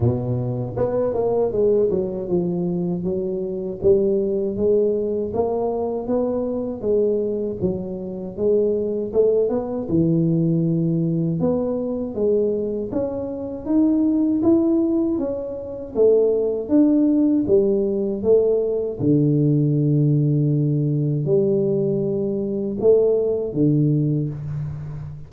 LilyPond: \new Staff \with { instrumentName = "tuba" } { \time 4/4 \tempo 4 = 79 b,4 b8 ais8 gis8 fis8 f4 | fis4 g4 gis4 ais4 | b4 gis4 fis4 gis4 | a8 b8 e2 b4 |
gis4 cis'4 dis'4 e'4 | cis'4 a4 d'4 g4 | a4 d2. | g2 a4 d4 | }